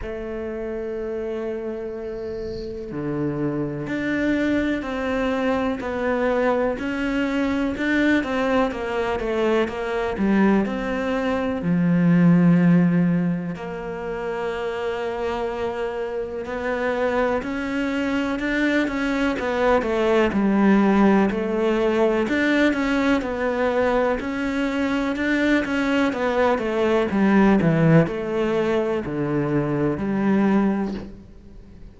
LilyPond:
\new Staff \with { instrumentName = "cello" } { \time 4/4 \tempo 4 = 62 a2. d4 | d'4 c'4 b4 cis'4 | d'8 c'8 ais8 a8 ais8 g8 c'4 | f2 ais2~ |
ais4 b4 cis'4 d'8 cis'8 | b8 a8 g4 a4 d'8 cis'8 | b4 cis'4 d'8 cis'8 b8 a8 | g8 e8 a4 d4 g4 | }